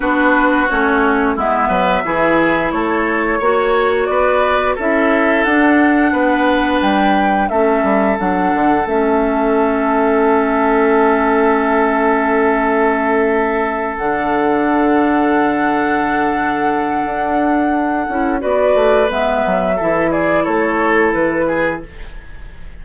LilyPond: <<
  \new Staff \with { instrumentName = "flute" } { \time 4/4 \tempo 4 = 88 b'4 cis''4 e''2 | cis''2 d''4 e''4 | fis''2 g''4 e''4 | fis''4 e''2.~ |
e''1~ | e''8 fis''2.~ fis''8~ | fis''2. d''4 | e''4. d''8 cis''4 b'4 | }
  \new Staff \with { instrumentName = "oboe" } { \time 4/4 fis'2 e'8 b'8 gis'4 | a'4 cis''4 b'4 a'4~ | a'4 b'2 a'4~ | a'1~ |
a'1~ | a'1~ | a'2. b'4~ | b'4 a'8 gis'8 a'4. gis'8 | }
  \new Staff \with { instrumentName = "clarinet" } { \time 4/4 d'4 cis'4 b4 e'4~ | e'4 fis'2 e'4 | d'2. cis'4 | d'4 cis'2.~ |
cis'1~ | cis'8 d'2.~ d'8~ | d'2~ d'8 e'8 fis'4 | b4 e'2. | }
  \new Staff \with { instrumentName = "bassoon" } { \time 4/4 b4 a4 gis8 fis8 e4 | a4 ais4 b4 cis'4 | d'4 b4 g4 a8 g8 | fis8 d8 a2.~ |
a1~ | a8 d2.~ d8~ | d4 d'4. cis'8 b8 a8 | gis8 fis8 e4 a4 e4 | }
>>